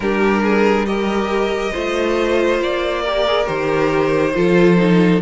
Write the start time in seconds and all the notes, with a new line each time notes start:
0.00 G3 D4 G4 A#4
0.42 G#4
0.86 G4 A#4 D#5
1.72 A3 F4 C5
2.59 A#3 D5
3.02 G4 A#4
3.27 G#4
3.45 D#3 G4 C5
4.34 F3 F4 A4
4.76 D#4